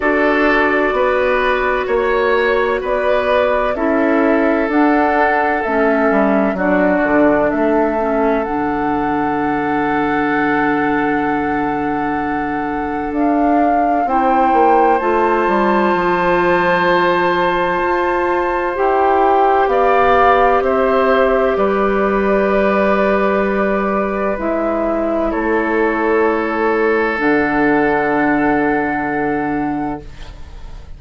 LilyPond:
<<
  \new Staff \with { instrumentName = "flute" } { \time 4/4 \tempo 4 = 64 d''2 cis''4 d''4 | e''4 fis''4 e''4 d''4 | e''4 fis''2.~ | fis''2 f''4 g''4 |
a''1 | g''4 f''4 e''4 d''4~ | d''2 e''4 cis''4~ | cis''4 fis''2. | }
  \new Staff \with { instrumentName = "oboe" } { \time 4/4 a'4 b'4 cis''4 b'4 | a'2. fis'4 | a'1~ | a'2. c''4~ |
c''1~ | c''4 d''4 c''4 b'4~ | b'2. a'4~ | a'1 | }
  \new Staff \with { instrumentName = "clarinet" } { \time 4/4 fis'1 | e'4 d'4 cis'4 d'4~ | d'8 cis'8 d'2.~ | d'2. e'4 |
f'1 | g'1~ | g'2 e'2~ | e'4 d'2. | }
  \new Staff \with { instrumentName = "bassoon" } { \time 4/4 d'4 b4 ais4 b4 | cis'4 d'4 a8 g8 fis8 d8 | a4 d2.~ | d2 d'4 c'8 ais8 |
a8 g8 f2 f'4 | e'4 b4 c'4 g4~ | g2 gis4 a4~ | a4 d2. | }
>>